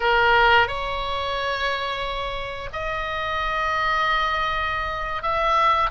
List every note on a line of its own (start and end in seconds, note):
0.00 0.67 A#4
0.67 2.69 C#5
2.72 5.22 D#5
5.22 5.90 E5